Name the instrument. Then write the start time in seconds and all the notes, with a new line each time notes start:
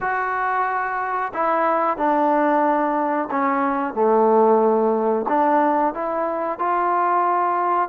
trombone
0.00 F#4
1.33 E4
1.97 D4
3.30 C#4
3.94 A3
5.28 D4
5.94 E4
6.58 F4